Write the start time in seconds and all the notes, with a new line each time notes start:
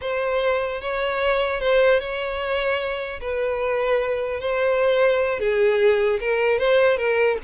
0.01 C5
0.81 C#5
1.60 C5
1.99 C#5
3.20 B4
4.40 C5
5.39 G#4
6.20 A#4
6.58 C5
6.97 A#4